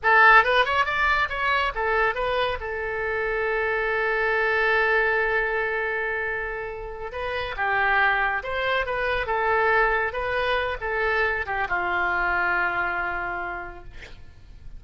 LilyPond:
\new Staff \with { instrumentName = "oboe" } { \time 4/4 \tempo 4 = 139 a'4 b'8 cis''8 d''4 cis''4 | a'4 b'4 a'2~ | a'1~ | a'1~ |
a'8 b'4 g'2 c''8~ | c''8 b'4 a'2 b'8~ | b'4 a'4. g'8 f'4~ | f'1 | }